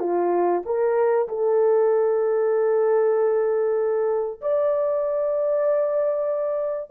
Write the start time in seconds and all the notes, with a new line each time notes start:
0.00 F4
0.66 A#4
1.29 A4
4.41 D5